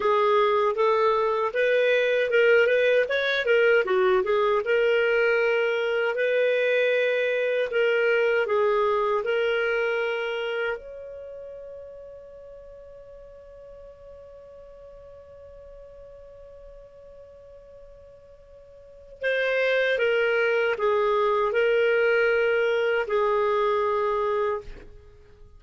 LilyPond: \new Staff \with { instrumentName = "clarinet" } { \time 4/4 \tempo 4 = 78 gis'4 a'4 b'4 ais'8 b'8 | cis''8 ais'8 fis'8 gis'8 ais'2 | b'2 ais'4 gis'4 | ais'2 cis''2~ |
cis''1~ | cis''1~ | cis''4 c''4 ais'4 gis'4 | ais'2 gis'2 | }